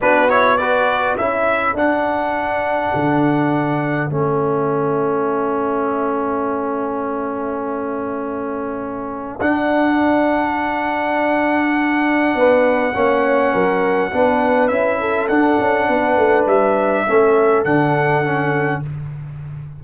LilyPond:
<<
  \new Staff \with { instrumentName = "trumpet" } { \time 4/4 \tempo 4 = 102 b'8 cis''8 d''4 e''4 fis''4~ | fis''2. e''4~ | e''1~ | e''1 |
fis''1~ | fis''1~ | fis''4 e''4 fis''2 | e''2 fis''2 | }
  \new Staff \with { instrumentName = "horn" } { \time 4/4 fis'4 b'4 a'2~ | a'1~ | a'1~ | a'1~ |
a'1~ | a'4 b'4 cis''4 ais'4 | b'4. a'4. b'4~ | b'4 a'2. | }
  \new Staff \with { instrumentName = "trombone" } { \time 4/4 d'8 e'8 fis'4 e'4 d'4~ | d'2. cis'4~ | cis'1~ | cis'1 |
d'1~ | d'2 cis'2 | d'4 e'4 d'2~ | d'4 cis'4 d'4 cis'4 | }
  \new Staff \with { instrumentName = "tuba" } { \time 4/4 b2 cis'4 d'4~ | d'4 d2 a4~ | a1~ | a1 |
d'1~ | d'4 b4 ais4 fis4 | b4 cis'4 d'8 cis'8 b8 a8 | g4 a4 d2 | }
>>